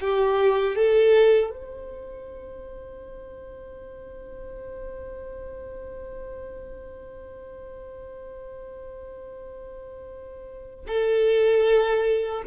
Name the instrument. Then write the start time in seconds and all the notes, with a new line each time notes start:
violin
0.00 G4
0.75 A4
1.50 C5
10.87 A4